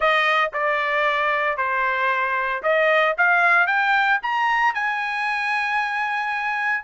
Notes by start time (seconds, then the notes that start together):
0.00 D#5
0.53 D5
1.57 C5
2.62 D#5
3.17 F5
3.66 G5
4.22 A#5
4.74 G#5